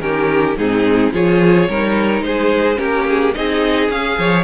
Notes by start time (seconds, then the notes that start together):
0.00 D#3 C#4 G4 A#4
0.57 G#2 C4 D#4 G#4
1.13 F3 F4 G#4 C#5
1.69 G3 D#4 A#4
2.22 G#3 G#4 C5
2.75 A#3 C#4 G4 A#4
3.09 G#4
3.34 C4 D#4 G#4 D#5
3.89 C#4 G#4 F5
4.18 F3 C#5